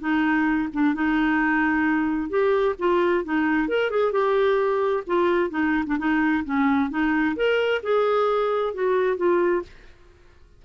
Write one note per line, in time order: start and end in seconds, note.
0.00 0.69 D#4
0.73 0.95 D4
0.95 2.30 D#4
2.30 2.75 G4
2.79 3.24 F4
3.24 3.68 D#4
3.68 3.91 A#4
3.91 4.12 G#4
4.12 5.04 G4
5.07 5.50 F4
5.50 5.84 D#4
5.86 5.98 D4
5.98 6.44 D#4
6.45 6.90 C#4
6.90 7.36 D#4
7.36 7.82 A#4
7.83 8.74 G#4
8.74 9.17 F#4
9.17 9.63 F4